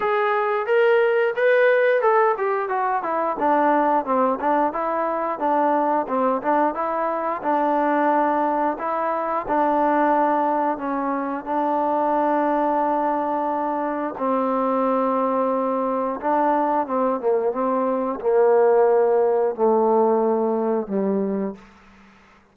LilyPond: \new Staff \with { instrumentName = "trombone" } { \time 4/4 \tempo 4 = 89 gis'4 ais'4 b'4 a'8 g'8 | fis'8 e'8 d'4 c'8 d'8 e'4 | d'4 c'8 d'8 e'4 d'4~ | d'4 e'4 d'2 |
cis'4 d'2.~ | d'4 c'2. | d'4 c'8 ais8 c'4 ais4~ | ais4 a2 g4 | }